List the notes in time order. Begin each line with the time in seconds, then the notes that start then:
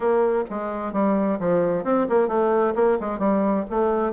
0.00 A#3
0.50 G#3
0.92 G3
1.39 F3
1.84 C4
2.09 A#3
2.28 A3
2.75 A#3
3.00 G#3
3.18 G3
3.70 A3